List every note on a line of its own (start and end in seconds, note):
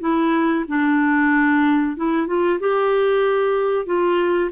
0.00 0.65 E4
0.67 1.96 D4
1.96 2.27 E4
2.27 2.59 F4
2.60 3.85 G4
3.85 4.50 F4